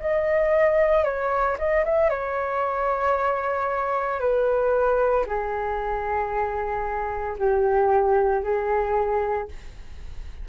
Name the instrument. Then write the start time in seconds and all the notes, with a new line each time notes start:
flute
0.00 D#5
1.04 C#5
1.58 D#5
1.85 E5
2.10 C#5
4.20 B4
5.26 G#4
7.38 G4
8.43 G#4